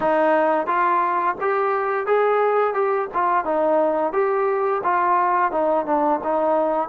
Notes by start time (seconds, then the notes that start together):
0.00 D#4
0.66 F4
1.40 G4
2.06 G#4
2.74 G4
3.13 F4
3.45 D#4
4.12 G4
4.83 F4
5.51 D#4
5.85 D4
6.23 D#4